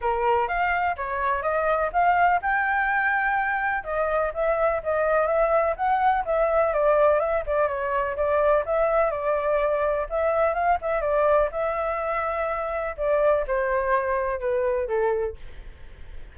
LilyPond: \new Staff \with { instrumentName = "flute" } { \time 4/4 \tempo 4 = 125 ais'4 f''4 cis''4 dis''4 | f''4 g''2. | dis''4 e''4 dis''4 e''4 | fis''4 e''4 d''4 e''8 d''8 |
cis''4 d''4 e''4 d''4~ | d''4 e''4 f''8 e''8 d''4 | e''2. d''4 | c''2 b'4 a'4 | }